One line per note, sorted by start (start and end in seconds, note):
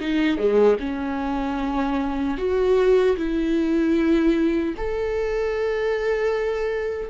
0.00 0.37 D#4
0.37 0.77 G#3
0.80 2.38 C#4
2.38 3.17 F#4
3.17 4.75 E4
4.77 7.09 A4